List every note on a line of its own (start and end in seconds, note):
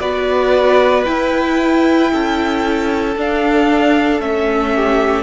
0.00 1.05 B3
0.00 1.05 F#4
0.00 2.12 B4
0.00 1.05 D5
1.05 3.16 E4
1.05 2.12 E4
1.05 3.16 G5
2.12 3.16 C#4
2.12 4.75 A4
3.16 4.20 D4
3.16 4.21 D4
3.16 4.21 F5
4.20 5.23 A3
4.20 5.23 C#4
4.20 5.23 E5
4.75 5.23 G4